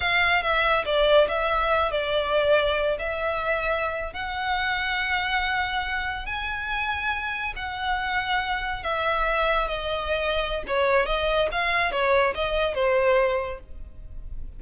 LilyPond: \new Staff \with { instrumentName = "violin" } { \time 4/4 \tempo 4 = 141 f''4 e''4 d''4 e''4~ | e''8 d''2~ d''8 e''4~ | e''4.~ e''16 fis''2~ fis''16~ | fis''2~ fis''8. gis''4~ gis''16~ |
gis''4.~ gis''16 fis''2~ fis''16~ | fis''8. e''2 dis''4~ dis''16~ | dis''4 cis''4 dis''4 f''4 | cis''4 dis''4 c''2 | }